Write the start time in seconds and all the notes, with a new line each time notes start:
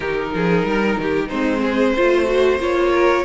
0.00 D#3 D#4 G4 A#4
0.34 F3 G#4
0.64 G3 A#4
0.98 D#3 G4
1.28 G#3 C4 D#4 C5
1.61 G#4
1.94 A3 F4 C5
2.24 F#4
2.59 A#3 F4 C#5
2.93 A#4